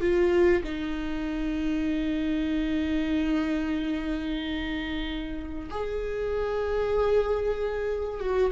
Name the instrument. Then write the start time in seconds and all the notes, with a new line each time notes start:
viola
0.00 F4
0.64 D#4
5.70 G#4
8.20 F#4